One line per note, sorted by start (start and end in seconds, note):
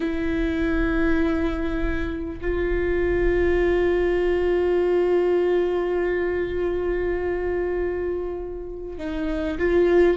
0.00 2.40 E4
2.41 8.98 F4
8.98 9.58 D#4
9.58 10.17 F4